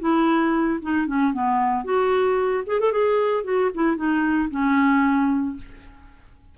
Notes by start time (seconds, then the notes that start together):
0.00 E4
0.82 D#4
1.07 C#4
1.33 B3
1.84 F#4
2.67 G#4
2.80 A4
2.92 G#4
3.44 F#4
3.74 E4
3.96 D#4
4.50 C#4